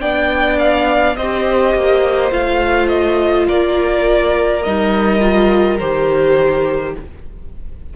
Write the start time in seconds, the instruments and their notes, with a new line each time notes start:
0.00 cello B3, viola D4, violin D5 G5
0.58 violin F5
1.16 cello C4, viola G4, violin C5 D#5
1.75 cello A#3
2.31 cello A3, viola F4, violin F5
2.87 violin D#5
3.47 cello A#3, violin A#4 D5
4.62 cello G3, viola D#4, violin D#5
5.20 viola F4
5.79 cello D#3, viola G4, violin C5